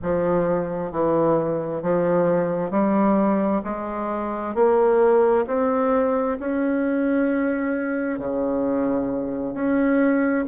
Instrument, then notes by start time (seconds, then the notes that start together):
bassoon
0.02 F3
0.91 E3
1.82 F3
2.70 G3
3.64 G#3
4.55 A#3
5.47 C4
6.39 C#4
8.19 C#3
9.54 C#4